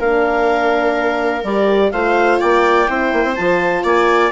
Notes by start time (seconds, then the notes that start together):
0.00 A#3 D4 A#4 F5
1.44 G3 G4 D5
1.92 A3 F4 C5 F5
2.40 A#3 D5 G5
2.88 C4 E4 C5
3.13 A#3
3.25 C4
3.36 F3 F4 A5
3.84 A#3 D5 G#5